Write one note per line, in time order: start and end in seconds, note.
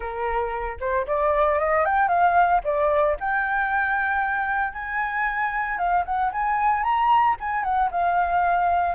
0.00 0.77 A#4
0.80 1.06 C5
1.06 1.59 D5
1.59 1.85 D#5
1.85 2.08 G5
2.08 2.61 F5
2.64 3.16 D5
3.20 4.73 G5
4.73 5.78 G#5
5.78 6.04 F5
6.05 6.31 F#5
6.32 6.83 G#5
6.83 7.36 A#5
7.39 7.63 G#5
7.63 7.89 F#5
7.91 8.95 F5